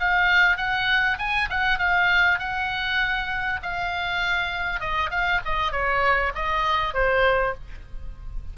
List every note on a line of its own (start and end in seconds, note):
0.00 0.57 F5
0.57 1.18 F#5
1.18 1.49 G#5
1.50 1.79 F#5
1.79 2.39 F5
2.39 3.60 F#5
3.63 4.80 F5
4.80 5.10 D#5
5.10 5.41 F5
5.45 5.72 D#5
5.72 6.33 C#5
6.35 6.94 D#5
6.94 7.54 C5